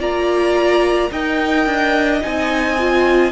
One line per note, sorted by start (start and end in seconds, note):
0.00 1.11 A#3
0.00 1.12 F4
0.00 1.11 D5
0.00 1.12 A#5
1.12 1.66 D#4
1.12 2.21 A#4
1.12 3.33 D#5
1.12 2.23 G5
1.66 2.22 D4
2.21 3.33 C4
2.21 2.76 D#4
2.21 3.33 G#5
2.79 3.33 F4